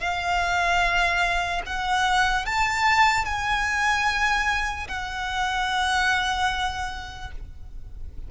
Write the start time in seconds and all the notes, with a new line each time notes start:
0.00 F5
1.66 F#5
2.46 A5
3.25 G#5
4.88 F#5